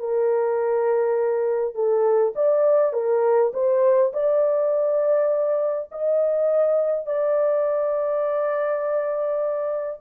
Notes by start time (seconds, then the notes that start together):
0.00 A#4
1.75 A4
2.36 D5
2.93 A#4
3.54 C5
4.13 D5
5.92 D#5
7.07 D5